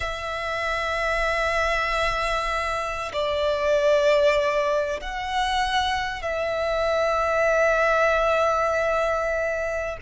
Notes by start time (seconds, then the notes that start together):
0.00 E5
3.12 D5
5.00 F#5
6.22 E5